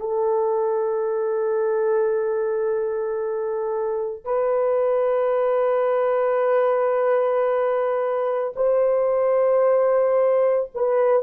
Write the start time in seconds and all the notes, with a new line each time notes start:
0.00 A4
4.25 B4
8.56 C5
10.75 B4